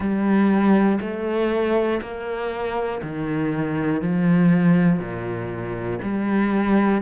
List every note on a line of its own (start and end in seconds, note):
0.00 0.99 G3
1.00 2.00 A3
2.01 3.01 A#3
3.02 4.01 D#3
4.01 4.99 F3
4.99 5.99 A#2
6.02 7.01 G3